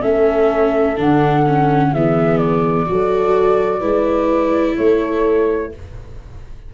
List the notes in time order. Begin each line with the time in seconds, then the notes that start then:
0.00 A3 C#4 A4 E5
0.97 D3 D4 F#5
1.46 C#4
1.91 E3 B3 G#4 E5
2.37 D5
2.86 F#3 F#4 A4
3.80 G#3 E4 B4
4.76 A3 A4 C#5